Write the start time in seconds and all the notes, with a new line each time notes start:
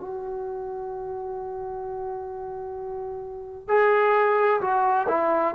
0.00 F#4
3.68 G#4
4.61 F#4
5.09 E4